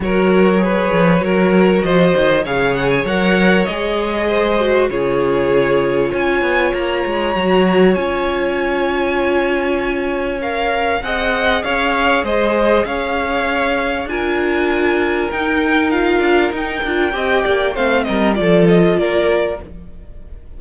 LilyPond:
<<
  \new Staff \with { instrumentName = "violin" } { \time 4/4 \tempo 4 = 98 cis''2. dis''4 | f''8 fis''16 gis''16 fis''4 dis''2 | cis''2 gis''4 ais''4~ | ais''4 gis''2.~ |
gis''4 f''4 fis''4 f''4 | dis''4 f''2 gis''4~ | gis''4 g''4 f''4 g''4~ | g''4 f''8 dis''8 d''8 dis''8 d''4 | }
  \new Staff \with { instrumentName = "violin" } { \time 4/4 ais'4 b'4 ais'4 c''4 | cis''2. c''4 | gis'2 cis''2~ | cis''1~ |
cis''2 dis''4 cis''4 | c''4 cis''2 ais'4~ | ais'1 | dis''8 d''8 c''8 ais'8 a'4 ais'4 | }
  \new Staff \with { instrumentName = "viola" } { \time 4/4 fis'4 gis'4 fis'2 | gis'4 ais'4 gis'4. fis'8 | f'1 | fis'4 f'2.~ |
f'4 ais'4 gis'2~ | gis'2. f'4~ | f'4 dis'4 f'4 dis'8 f'8 | g'4 c'4 f'2 | }
  \new Staff \with { instrumentName = "cello" } { \time 4/4 fis4. f8 fis4 f8 dis8 | cis4 fis4 gis2 | cis2 cis'8 b8 ais8 gis8 | fis4 cis'2.~ |
cis'2 c'4 cis'4 | gis4 cis'2 d'4~ | d'4 dis'4. d'8 dis'8 d'8 | c'8 ais8 a8 g8 f4 ais4 | }
>>